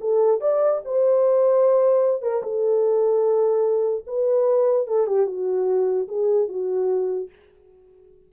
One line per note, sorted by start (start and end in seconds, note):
0.00 0.40 A4
0.40 0.81 D5
0.84 2.22 C5
2.22 2.42 A#4
2.42 4.04 A4
4.06 4.87 B4
4.87 5.06 A4
5.06 5.26 G4
5.26 6.07 F#4
6.08 6.48 G#4
6.48 7.29 F#4